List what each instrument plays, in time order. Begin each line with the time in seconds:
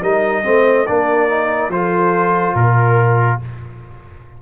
0.00 tuba G3, trombone D#4, horn A#4, trumpet D#5
0.43 tuba A3, trombone C4, horn C5
0.86 tuba A#3, trombone D4, horn A#4, trumpet D5
1.29 trombone D#4
1.69 tuba F3, trombone F4, horn A4, trumpet C5
2.54 tuba A#2, trumpet A#4, horn A#4